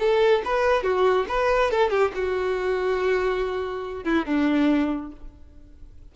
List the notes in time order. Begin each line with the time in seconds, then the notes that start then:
0.00 A4
0.45 B4
0.84 F#4
1.29 B4
1.71 A4
1.91 G4
2.15 F#4
4.05 E4
4.26 D4